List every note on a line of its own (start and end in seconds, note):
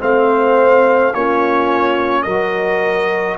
0.00 1.14 A3
0.00 1.13 C4
0.00 1.14 C5
0.00 1.14 F5
1.14 2.26 A#3
1.14 2.28 C#4
1.14 2.24 F4
1.14 2.23 C#5
2.23 3.38 F#3
2.23 3.38 F#4
2.23 3.37 A#4
2.23 3.36 D#5